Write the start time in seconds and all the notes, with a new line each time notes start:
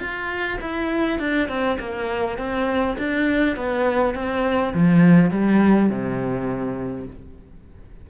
0.00 F4
0.61 E4
1.20 D4
1.49 C4
1.80 A#3
2.39 C4
2.99 D4
3.57 B3
4.15 C4
4.74 F3
5.31 G3
5.90 C3